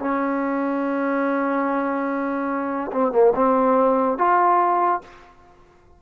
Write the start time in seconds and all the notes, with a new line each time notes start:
0.00 C#4
2.92 C4
3.12 A#3
3.36 C4
4.18 F4